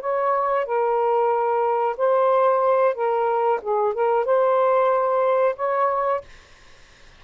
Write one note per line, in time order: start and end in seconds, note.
0.00 0.65 C#5
0.65 1.96 A#4
1.97 2.94 C5
2.94 3.60 A#4
3.62 3.93 G#4
3.93 4.25 A#4
4.25 5.55 C5
5.56 6.21 C#5